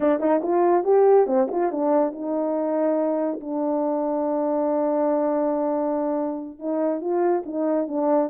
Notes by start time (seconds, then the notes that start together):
0.00 D4
0.20 D#4
0.43 F4
0.84 G4
1.26 C4
1.51 F4
1.71 D4
2.12 D#4
3.40 D4
6.59 D#4
7.00 F4
7.45 D#4
7.87 D4